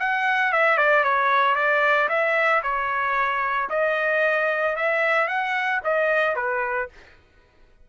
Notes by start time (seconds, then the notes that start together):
0.00 F#5
0.53 E5
0.78 D5
1.04 C#5
1.56 D5
2.09 E5
2.63 C#5
3.70 D#5
4.76 E5
5.28 F#5
5.84 D#5
6.36 B4